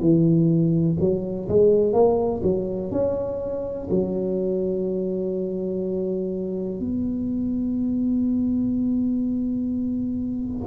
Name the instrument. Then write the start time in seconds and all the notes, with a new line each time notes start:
tuba
0.00 E3
0.99 F#3
1.48 G#3
1.93 A#3
2.43 F#3
2.91 C#4
3.90 F#3
6.79 B3